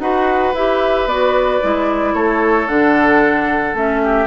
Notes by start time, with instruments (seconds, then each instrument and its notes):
0.00 bassoon D#4, clarinet F#4, oboe B4, flute F#5
0.54 bassoon E4, clarinet G4, flute E5
1.06 bassoon B3, clarinet F#4, flute D5
1.62 bassoon G#3, clarinet E4
2.14 bassoon A3, oboe A4, flute C#5
2.68 bassoon D3, clarinet D4, flute F#5
3.74 bassoon A3, clarinet C#4, flute E5
4.03 oboe G4